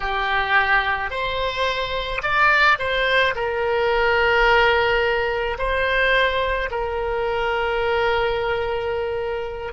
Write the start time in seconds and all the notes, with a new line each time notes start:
0.00 G4
1.10 C5
2.22 D5
2.78 C5
3.35 A#4
5.58 C5
6.70 A#4